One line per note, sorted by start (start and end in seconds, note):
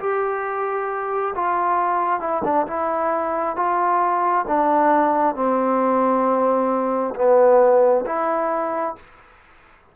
0.00 1.34 G4
1.36 2.20 F4
2.20 2.43 E4
2.44 2.67 D4
2.67 3.56 E4
3.56 4.46 F4
4.48 5.36 D4
5.36 7.15 C4
7.16 8.05 B3
8.06 8.96 E4